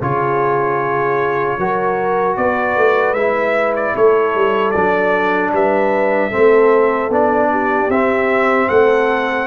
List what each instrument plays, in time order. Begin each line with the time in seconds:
0.00 tuba C#3, trombone F4, horn G#4, trumpet C#5
1.58 tuba F#3, trombone F#4, horn A#4
2.37 tuba B3, horn B4, trumpet D5
2.76 tuba A3
3.13 tuba G#3, trombone E4, trumpet E5
3.76 trumpet D5
3.94 tuba A3, horn A4, trumpet C#5
4.35 tuba G3
4.71 tuba F#3, trombone D4, trumpet D5
5.53 tuba G3, horn B4, trumpet E5
6.30 trombone C4, horn A4
6.36 tuba A3
7.10 tuba B3, trombone D4, trumpet D5
7.51 horn G4
7.89 tuba C4, trombone C4, trumpet E5
8.69 tuba A3, horn A4, trumpet F#5